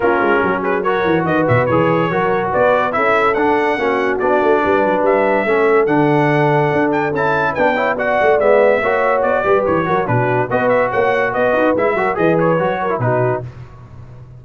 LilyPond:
<<
  \new Staff \with { instrumentName = "trumpet" } { \time 4/4 \tempo 4 = 143 ais'4. b'8 cis''4 dis''8 e''8 | cis''2 d''4 e''4 | fis''2 d''2 | e''2 fis''2~ |
fis''8 g''8 a''4 g''4 fis''4 | e''2 d''4 cis''4 | b'4 dis''8 e''8 fis''4 dis''4 | e''4 dis''8 cis''4. b'4 | }
  \new Staff \with { instrumentName = "horn" } { \time 4/4 f'4 fis'8 gis'8 ais'4 b'4~ | b'4 ais'4 b'4 a'4~ | a'4 fis'2 b'4~ | b'4 a'2.~ |
a'2 b'8 cis''8 d''4~ | d''4 cis''4. b'4 ais'8 | fis'4 b'4 cis''4 b'4~ | b'8 ais'8 b'4. ais'8 fis'4 | }
  \new Staff \with { instrumentName = "trombone" } { \time 4/4 cis'2 fis'2 | gis'4 fis'2 e'4 | d'4 cis'4 d'2~ | d'4 cis'4 d'2~ |
d'4 e'4 d'8 e'8 fis'4 | b4 fis'4. g'4 fis'8 | d'4 fis'2. | e'8 fis'8 gis'4 fis'8. e'16 dis'4 | }
  \new Staff \with { instrumentName = "tuba" } { \time 4/4 ais8 gis8 fis4. e8 dis8 b,8 | e4 fis4 b4 cis'4 | d'4 ais4 b8 a8 g8 fis8 | g4 a4 d2 |
d'4 cis'4 b4. a8 | gis4 ais4 b8 g8 e8 fis8 | b,4 b4 ais4 b8 dis'8 | gis8 fis8 e4 fis4 b,4 | }
>>